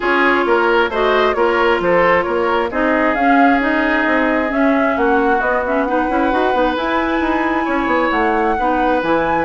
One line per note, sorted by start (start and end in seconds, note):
0.00 0.45 C#4
0.00 0.90 F4
0.00 0.45 G#4
0.00 0.91 C#5
0.45 0.88 A#3
0.45 0.90 A#4
0.88 1.34 A3
0.88 1.34 F#4
0.88 1.35 C5
0.88 1.34 D#5
1.34 1.80 A#3
1.34 2.70 F4
1.34 1.81 A#4
1.34 1.79 C#5
1.80 2.25 F3
1.80 2.25 A4
1.80 2.22 C5
2.22 2.70 A#3
2.22 2.70 A#4
2.22 2.67 C#5
2.70 3.15 C4
2.70 3.16 D#4
2.70 4.96 G#4
2.70 3.14 D#5
3.14 4.05 C#4
3.14 3.59 C#4
3.14 3.59 F5
3.59 4.48 D#4
3.59 4.52 D#5
4.06 4.50 C4
4.48 5.39 C#4
4.48 4.96 C#4
4.48 4.97 E5
4.97 5.40 A#3
4.97 5.87 F#4
4.97 5.41 F#5
5.39 5.62 B3
5.39 6.08 B3
5.39 5.63 D#5
5.66 5.87 C#4
5.66 5.83 E5
5.83 6.09 D#4
5.83 7.64 B4
5.83 6.74 F#5
6.09 6.32 C#4
6.09 6.31 E4
6.31 6.53 D#4
6.31 6.53 F#4
6.53 6.76 B3
6.53 6.76 D#4
6.76 8.57 E4
6.76 7.20 E4
6.76 8.10 G#5
7.20 7.65 D#4
7.64 7.86 C#4
7.64 8.54 C#5
7.86 8.09 B3
8.10 8.57 A3
8.10 9.00 F#5
8.58 9.02 B3
8.58 9.01 D#4
8.58 9.45 B4
9.01 9.45 E3
9.01 9.45 E4
9.01 9.45 G#5